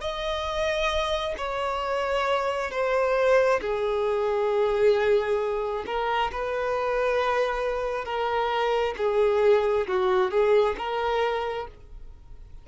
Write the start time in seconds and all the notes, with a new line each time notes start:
0.00 D#5
1.37 C#5
2.70 C5
3.61 G#4
5.86 A#4
6.31 B4
8.04 A#4
8.97 G#4
9.87 F#4
10.30 G#4
10.77 A#4